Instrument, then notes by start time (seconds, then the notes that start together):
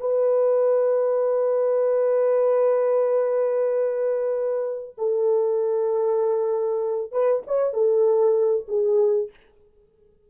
horn
0.00 B4
4.98 A4
7.12 B4
7.47 C#5
7.73 A4
8.68 G#4